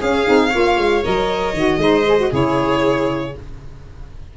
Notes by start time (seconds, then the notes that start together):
0.00 C#4 G#4 F5
0.26 C4 D#4
0.50 A#3 F4 C#5
0.78 G#3
1.04 F#3 A#4 D#5
1.54 D#3 F#4
1.78 G#3 D#4 C5
2.08 G#4
2.18 F#4
2.31 C#3 E4 G#4 C#5